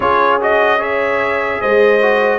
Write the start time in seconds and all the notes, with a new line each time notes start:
0.00 C#4 F4 G#4 C#5
0.41 F#4 D#5
0.79 G#4 C#5 E5
1.60 G#3 C5 D#5
2.01 F#4